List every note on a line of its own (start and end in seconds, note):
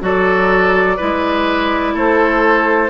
0.00 0.98 F#3
0.00 0.97 F#4
0.00 0.97 A4
0.00 1.97 D5
0.97 1.94 G#3
0.97 2.90 E4
0.97 1.93 B4
1.94 2.90 A3
1.94 2.90 A4
1.94 2.90 C5